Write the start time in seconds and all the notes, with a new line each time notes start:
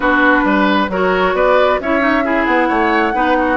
0.00 B3 D4 F#4 B4
0.44 G3 B4
0.88 F#3 F#4 A#4 C#5
1.33 B3 B4 D5
1.80 C#4 E4 C#5 E5
2.00 D#4
2.24 E4 G#4
2.44 B3 F#5
2.68 A3 C#5
3.13 B3 D#4 B4
3.38 F#4